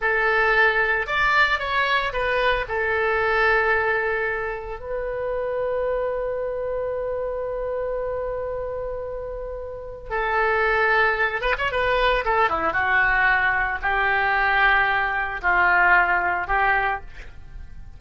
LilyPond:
\new Staff \with { instrumentName = "oboe" } { \time 4/4 \tempo 4 = 113 a'2 d''4 cis''4 | b'4 a'2.~ | a'4 b'2.~ | b'1~ |
b'2. a'4~ | a'4. b'16 cis''16 b'4 a'8 e'8 | fis'2 g'2~ | g'4 f'2 g'4 | }